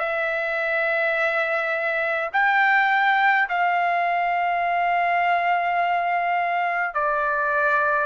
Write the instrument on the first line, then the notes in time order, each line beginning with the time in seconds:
trumpet
0.00 E5
2.33 G5
3.49 F5
6.94 D5